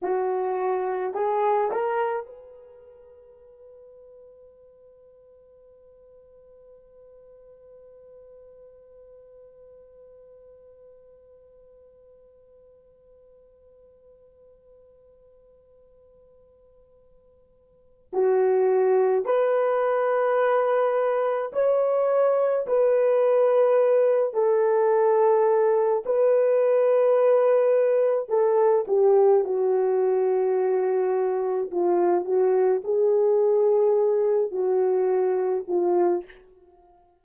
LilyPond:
\new Staff \with { instrumentName = "horn" } { \time 4/4 \tempo 4 = 53 fis'4 gis'8 ais'8 b'2~ | b'1~ | b'1~ | b'1 |
fis'4 b'2 cis''4 | b'4. a'4. b'4~ | b'4 a'8 g'8 fis'2 | f'8 fis'8 gis'4. fis'4 f'8 | }